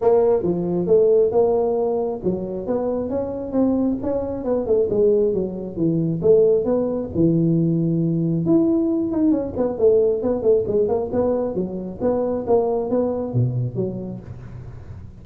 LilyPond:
\new Staff \with { instrumentName = "tuba" } { \time 4/4 \tempo 4 = 135 ais4 f4 a4 ais4~ | ais4 fis4 b4 cis'4 | c'4 cis'4 b8 a8 gis4 | fis4 e4 a4 b4 |
e2. e'4~ | e'8 dis'8 cis'8 b8 a4 b8 a8 | gis8 ais8 b4 fis4 b4 | ais4 b4 b,4 fis4 | }